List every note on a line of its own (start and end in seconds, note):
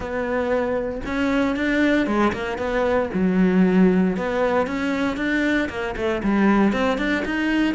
0.00 1.01 B3
1.05 1.56 C#4
1.56 2.06 D4
2.06 2.32 G#3
2.32 2.57 A#3
2.57 3.09 B3
3.13 4.16 F#3
4.16 4.66 B3
4.66 5.17 C#4
5.17 5.68 D4
5.69 5.95 A#3
5.96 6.22 A3
6.23 6.72 G3
6.72 6.98 C4
6.98 7.23 D4
7.25 7.74 D#4